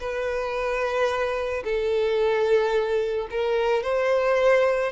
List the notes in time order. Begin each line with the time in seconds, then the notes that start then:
0.00 B4
1.64 A4
3.30 A#4
3.83 C5